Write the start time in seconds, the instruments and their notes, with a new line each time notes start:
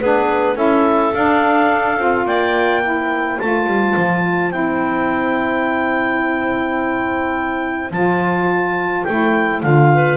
0.00 double bass B3, saxophone D4, clarinet G#4 B4
0.55 double bass C#4, saxophone E4, clarinet A4 E5
1.14 saxophone D4, double bass D4, clarinet F5
1.97 double bass C4, saxophone F4
2.25 double bass A#3, clarinet D5 G5
2.82 saxophone E4, clarinet C5
3.40 double bass A3, saxophone F4, clarinet A5
3.66 double bass G3
3.96 double bass F3
4.51 double bass C4, saxophone E4, clarinet G5
7.91 double bass F3, saxophone F4, clarinet A5
9.04 double bass A3, saxophone E4, clarinet G5
9.61 double bass D3, saxophone F4, clarinet F5
9.94 clarinet B4